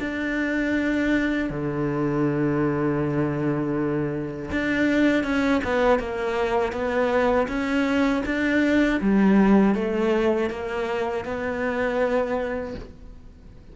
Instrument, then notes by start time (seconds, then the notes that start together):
cello
0.00 D4
1.50 D3
4.52 D4
5.24 C#4
5.64 B3
6.00 A#3
6.73 B3
7.48 C#4
8.26 D4
9.01 G3
9.75 A3
10.50 A#3
11.25 B3